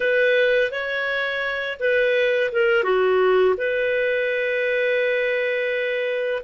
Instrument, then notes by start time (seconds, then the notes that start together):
clarinet
0.00 B4
0.71 C#5
1.79 B4
2.52 A#4
2.83 F#4
3.57 B4